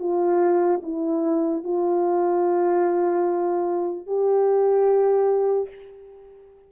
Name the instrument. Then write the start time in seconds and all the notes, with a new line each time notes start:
horn
0.00 F4
0.83 E4
1.64 F4
4.07 G4